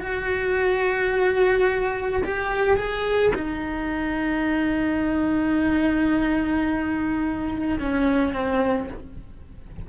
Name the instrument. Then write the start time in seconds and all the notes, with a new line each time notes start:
cello
0.00 F#4
2.24 G4
2.77 G#4
3.34 D#4
7.79 C#4
8.33 C4